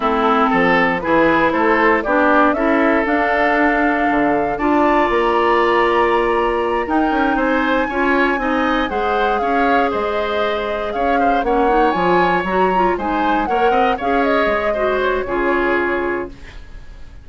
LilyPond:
<<
  \new Staff \with { instrumentName = "flute" } { \time 4/4 \tempo 4 = 118 a'2 b'4 c''4 | d''4 e''4 f''2~ | f''4 a''4 ais''2~ | ais''4. g''4 gis''4.~ |
gis''4. fis''4 f''4 dis''8~ | dis''4. f''4 fis''4 gis''8~ | gis''8 ais''4 gis''4 fis''4 f''8 | dis''4. cis''2~ cis''8 | }
  \new Staff \with { instrumentName = "oboe" } { \time 4/4 e'4 a'4 gis'4 a'4 | g'4 a'2.~ | a'4 d''2.~ | d''4. ais'4 c''4 cis''8~ |
cis''8 dis''4 c''4 cis''4 c''8~ | c''4. cis''8 c''8 cis''4.~ | cis''4. c''4 cis''8 dis''8 cis''8~ | cis''4 c''4 gis'2 | }
  \new Staff \with { instrumentName = "clarinet" } { \time 4/4 c'2 e'2 | d'4 e'4 d'2~ | d'4 f'2.~ | f'4. dis'2 f'8~ |
f'8 dis'4 gis'2~ gis'8~ | gis'2~ gis'8 cis'8 dis'8 f'8~ | f'8 fis'8 f'8 dis'4 ais'4 gis'8~ | gis'4 fis'4 f'2 | }
  \new Staff \with { instrumentName = "bassoon" } { \time 4/4 a4 f4 e4 a4 | b4 cis'4 d'2 | d4 d'4 ais2~ | ais4. dis'8 cis'8 c'4 cis'8~ |
cis'8 c'4 gis4 cis'4 gis8~ | gis4. cis'4 ais4 f8~ | f8 fis4 gis4 ais8 c'8 cis'8~ | cis'8 gis4. cis2 | }
>>